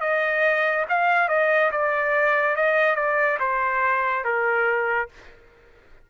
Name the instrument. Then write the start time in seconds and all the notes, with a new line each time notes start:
trumpet
0.00 D#5
0.89 F5
1.28 D#5
1.71 D5
2.55 D#5
2.95 D5
3.39 C5
4.24 A#4